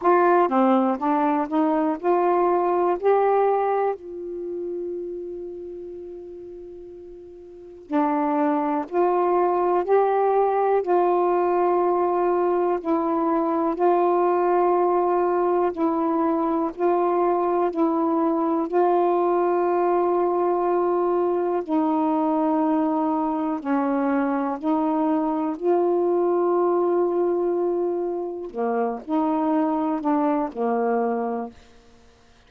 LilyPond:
\new Staff \with { instrumentName = "saxophone" } { \time 4/4 \tempo 4 = 61 f'8 c'8 d'8 dis'8 f'4 g'4 | f'1 | d'4 f'4 g'4 f'4~ | f'4 e'4 f'2 |
e'4 f'4 e'4 f'4~ | f'2 dis'2 | cis'4 dis'4 f'2~ | f'4 ais8 dis'4 d'8 ais4 | }